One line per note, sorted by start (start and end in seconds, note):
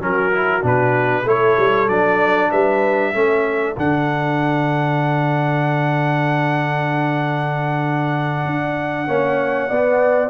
0.00 0.62 F#3
0.00 0.32 C#4
0.00 1.23 F#4
0.00 0.65 A#4
0.32 0.62 E4
0.62 1.24 B2
0.62 1.24 D4
0.62 1.29 B4
1.23 1.56 A3
1.23 1.89 E4
1.23 2.48 A4
1.23 1.89 C#5
1.58 1.89 G3
1.89 2.51 F#3
1.89 3.13 D4
1.89 2.51 D5
2.51 3.14 G3
2.51 3.13 B4
2.51 3.77 E5
3.13 3.77 A3
3.13 3.76 C#4
3.13 9.07 A4
3.77 8.46 D3
3.77 9.08 D4
3.77 10.30 F#5
8.46 9.08 D4
9.07 9.70 A#3
9.07 9.70 C#4
9.07 9.70 C#5
9.70 10.30 B3
9.70 10.30 D5